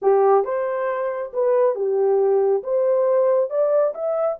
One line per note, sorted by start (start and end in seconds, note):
0.02 0.44 G4
0.44 1.32 C5
1.33 1.75 B4
1.75 2.62 G4
2.63 3.50 C5
3.50 3.93 D5
3.94 4.38 E5